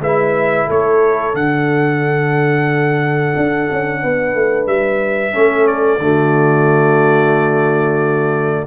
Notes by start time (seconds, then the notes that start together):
0.00 G#3 E4 B4 E5
0.68 A3 A4 C#5
1.34 D3 D4 F#5
3.37 D4
3.72 C#4
4.02 B3 B4
4.35 A3
4.67 G3 E5
5.33 A3 C#4 A4
5.67 D5
5.99 D3 A3 F#4